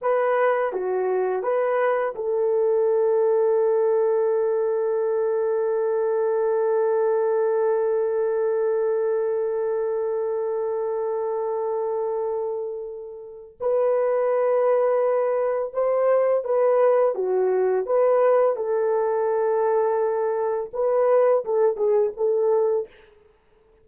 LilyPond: \new Staff \with { instrumentName = "horn" } { \time 4/4 \tempo 4 = 84 b'4 fis'4 b'4 a'4~ | a'1~ | a'1~ | a'1~ |
a'2. b'4~ | b'2 c''4 b'4 | fis'4 b'4 a'2~ | a'4 b'4 a'8 gis'8 a'4 | }